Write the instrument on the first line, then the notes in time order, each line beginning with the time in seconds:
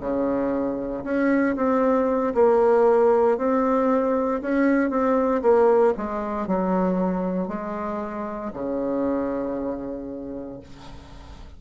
bassoon
0.00 C#3
1.03 C#4
1.56 C4
2.34 A#3
3.37 C4
4.41 C#4
4.89 C4
5.42 A#3
5.97 G#3
6.47 F#3
7.48 G#3
8.53 C#3